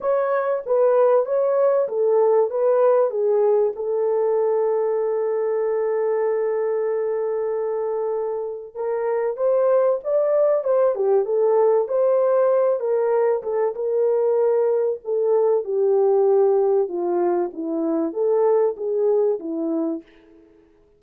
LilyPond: \new Staff \with { instrumentName = "horn" } { \time 4/4 \tempo 4 = 96 cis''4 b'4 cis''4 a'4 | b'4 gis'4 a'2~ | a'1~ | a'2 ais'4 c''4 |
d''4 c''8 g'8 a'4 c''4~ | c''8 ais'4 a'8 ais'2 | a'4 g'2 f'4 | e'4 a'4 gis'4 e'4 | }